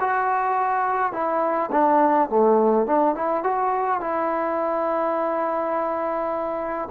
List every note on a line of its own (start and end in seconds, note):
0.00 1.12 F#4
1.12 1.70 E4
1.72 2.29 D4
2.29 2.86 A3
2.86 3.15 D4
3.15 3.43 E4
3.43 4.01 F#4
4.01 6.89 E4